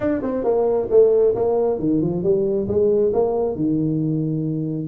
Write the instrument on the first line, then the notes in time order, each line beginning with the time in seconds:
tuba
0.00 D4
0.22 C4
0.43 A#3
0.90 A3
1.35 A#3
1.79 D#3
2.01 F3
2.23 G3
2.68 G#3
3.13 A#3
3.55 D#3